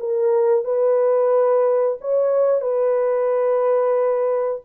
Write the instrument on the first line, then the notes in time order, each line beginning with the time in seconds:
horn
0.00 A#4
0.65 B4
2.01 C#5
2.62 B4